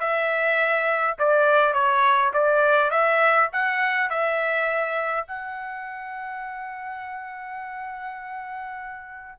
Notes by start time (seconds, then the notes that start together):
0.00 E5
1.19 D5
1.74 C#5
2.34 D5
2.91 E5
3.53 F#5
4.10 E5
5.28 F#5